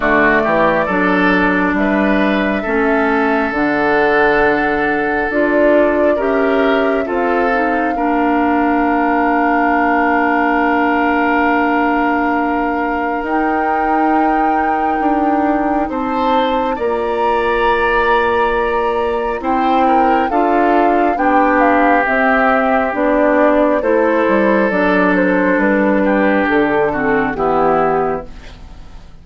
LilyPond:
<<
  \new Staff \with { instrumentName = "flute" } { \time 4/4 \tempo 4 = 68 d''2 e''2 | fis''2 d''4 e''4 | f''1~ | f''2. g''4~ |
g''2 a''4 ais''4~ | ais''2 g''4 f''4 | g''8 f''8 e''4 d''4 c''4 | d''8 c''8 b'4 a'4 g'4 | }
  \new Staff \with { instrumentName = "oboe" } { \time 4/4 fis'8 g'8 a'4 b'4 a'4~ | a'2. ais'4 | a'4 ais'2.~ | ais'1~ |
ais'2 c''4 d''4~ | d''2 c''8 ais'8 a'4 | g'2. a'4~ | a'4. g'4 fis'8 e'4 | }
  \new Staff \with { instrumentName = "clarinet" } { \time 4/4 a4 d'2 cis'4 | d'2 f'4 g'4 | f'8 dis'8 d'2.~ | d'2. dis'4~ |
dis'2. f'4~ | f'2 e'4 f'4 | d'4 c'4 d'4 e'4 | d'2~ d'8 c'8 b4 | }
  \new Staff \with { instrumentName = "bassoon" } { \time 4/4 d8 e8 fis4 g4 a4 | d2 d'4 cis'4 | c'4 ais2.~ | ais2. dis'4~ |
dis'4 d'4 c'4 ais4~ | ais2 c'4 d'4 | b4 c'4 b4 a8 g8 | fis4 g4 d4 e4 | }
>>